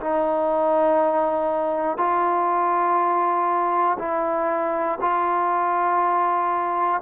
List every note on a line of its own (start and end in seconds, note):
0.00 1.98 D#4
1.98 3.98 F4
3.99 4.99 E4
5.01 7.01 F4